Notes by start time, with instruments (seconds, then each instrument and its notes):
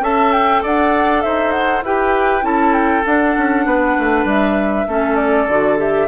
0.00 bassoon C#4, clarinet A4, oboe E5, flute A5
0.33 flute G5
0.63 bassoon D4, oboe D5, flute F#5
1.22 bassoon D#4, oboe C5, flute E5
1.52 flute F#5
1.83 bassoon E4, clarinet G4, oboe B4, flute G5
2.42 bassoon C#4, clarinet E4, oboe A4, flute A5
2.74 flute G5
3.06 bassoon D4, clarinet D4, flute F#5
3.37 bassoon C#4
3.66 bassoon B3, oboe B4
3.99 bassoon A3
4.25 bassoon G3, flute E5
4.88 bassoon A3, clarinet C#4, oboe A4
5.17 flute D5
5.48 bassoon D3, clarinet F#4
5.78 clarinet G4, flute E5